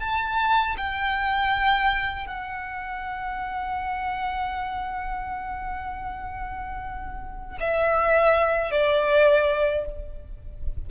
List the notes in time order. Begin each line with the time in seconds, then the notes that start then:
0.00 A5
0.77 G5
2.27 F#5
7.60 E5
8.71 D5